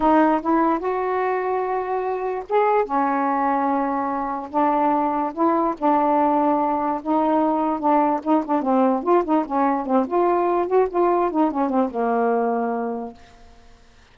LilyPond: \new Staff \with { instrumentName = "saxophone" } { \time 4/4 \tempo 4 = 146 dis'4 e'4 fis'2~ | fis'2 gis'4 cis'4~ | cis'2. d'4~ | d'4 e'4 d'2~ |
d'4 dis'2 d'4 | dis'8 d'8 c'4 f'8 dis'8 cis'4 | c'8 f'4. fis'8 f'4 dis'8 | cis'8 c'8 ais2. | }